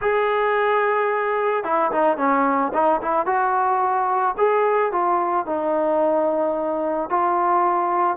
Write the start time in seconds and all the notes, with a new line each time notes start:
0.01 G#4
1.63 E4
1.91 D#4
2.17 C#4
2.73 D#4
3.01 E4
3.26 F#4
4.37 G#4
4.92 F4
5.46 D#4
7.09 F4